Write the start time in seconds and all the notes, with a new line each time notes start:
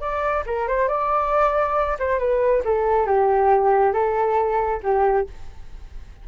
0.00 D5
0.46 A#4
0.68 C5
0.88 D5
1.99 C5
2.19 B4
2.64 A4
3.06 G4
3.93 A4
4.83 G4